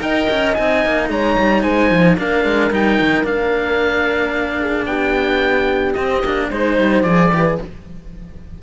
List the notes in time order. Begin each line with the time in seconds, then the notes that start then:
0.00 D#4 A#4 D#5 G5
0.30 C#4
0.53 C4 D#4 G#5
0.85 A#3
1.09 G#3 C#5 A#5
1.37 G3
1.62 G#3 C5 G#5
1.90 F3
2.16 A#3 D4 A#4 F5
2.44 G#3
2.71 G3 D#4 G5
3.00 D#3
3.24 A#3 D4 F5
4.60 G#4
4.85 B3 G4 G5
5.93 C4 D#5
6.22 A#3 D4
6.50 G#3 D#4 C5
6.77 G3
7.02 F3 G#4 D5
7.31 E3 G4 B4
7.45 G#4